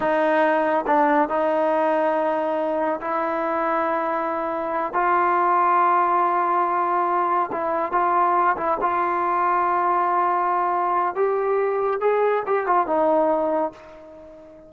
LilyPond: \new Staff \with { instrumentName = "trombone" } { \time 4/4 \tempo 4 = 140 dis'2 d'4 dis'4~ | dis'2. e'4~ | e'2.~ e'8 f'8~ | f'1~ |
f'4. e'4 f'4. | e'8 f'2.~ f'8~ | f'2 g'2 | gis'4 g'8 f'8 dis'2 | }